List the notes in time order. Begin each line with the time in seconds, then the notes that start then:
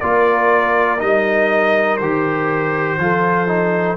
0.00 A#3 F4 A#4 D5
0.98 G3 D#4 D#5
1.97 D#3 G4 C5
2.98 F3 F4 A4
3.47 D#4